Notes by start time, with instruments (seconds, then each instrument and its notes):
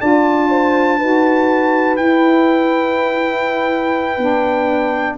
0.00 tuba D4, saxophone F4, horn D5, trumpet A5
0.50 horn C5
0.99 tuba D#4, saxophone F#4, horn B4
1.97 saxophone E4, tuba E4, trumpet G5
4.18 tuba B3, saxophone D4